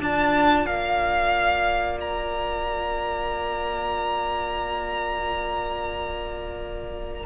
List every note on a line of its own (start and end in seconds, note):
0.00 0.66 D4
0.00 7.25 F4
0.00 7.26 D5
0.00 0.66 A5
0.66 7.25 A#3
0.66 1.98 F5
2.01 7.26 A#5